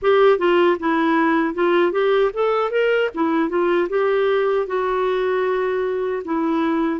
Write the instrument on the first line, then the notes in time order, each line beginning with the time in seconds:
clarinet
0.01 G4
0.38 F4
0.79 E4
1.54 F4
1.92 G4
2.33 A4
2.70 A#4
3.14 E4
3.49 F4
3.89 G4
4.66 F#4
6.24 E4